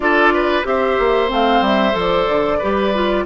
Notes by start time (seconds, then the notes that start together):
0.00 D4 F4 A4 D5
0.33 B4
0.64 C4 G4 C5 E5
0.98 A#3
1.28 A3 C4 F5
1.61 G3 E5
1.92 F3 A4
1.99 D5
2.27 D3
2.58 G3 G4 B4
2.95 F4